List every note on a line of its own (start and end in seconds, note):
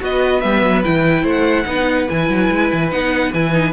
0.00 0.43 B3
0.00 0.42 F#4
0.00 1.23 B4
0.00 0.41 D#5
0.41 0.63 G3
0.41 0.84 B3
0.41 0.83 E5
0.63 0.84 F#3
0.84 1.24 E3
0.84 1.66 E4
0.84 1.26 G5
1.23 1.65 A3
1.23 1.65 C5
1.30 2.09 F#5
1.66 2.08 B3
1.66 2.07 D#4
1.66 3.73 B4
2.08 2.29 E3
2.08 2.91 E4
2.08 2.91 G#5
2.29 2.50 F#3
2.51 2.72 G#3
2.73 2.92 E3
2.91 3.33 B3
2.91 3.33 D#4
2.91 3.33 F#5
3.33 3.73 E3
3.33 3.52 E4
3.33 3.73 G#5
3.52 3.73 D#4